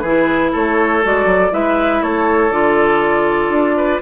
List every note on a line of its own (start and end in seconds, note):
0.00 0.53 E3
0.00 0.52 G#4
0.00 0.50 B4
0.06 1.03 E4
0.52 1.05 A3
0.52 1.52 A4
0.52 1.05 C#5
1.03 1.25 G#3
1.03 1.51 F#4
1.03 1.54 D5
1.25 1.50 F#3
1.51 2.02 G#3
1.51 2.51 E4
1.51 2.03 B4
1.51 2.03 E5
2.02 2.51 A3
2.02 3.77 A4
2.02 2.52 C#5
2.51 3.49 D3
2.51 4.01 F4
2.51 4.02 D5
3.49 3.99 D4
3.77 4.02 B4